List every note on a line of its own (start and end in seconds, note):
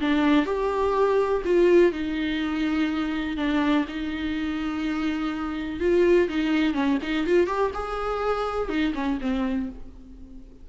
0.00 0.45 D4
0.45 1.42 G4
1.45 1.92 F4
1.92 3.37 D#4
3.37 3.85 D4
3.88 5.80 D#4
5.80 6.28 F4
6.28 6.74 D#4
6.74 6.98 C#4
7.02 7.26 D#4
7.26 7.46 F4
7.46 7.71 G4
7.74 8.69 G#4
8.69 8.93 D#4
8.94 9.18 C#4
9.20 9.69 C4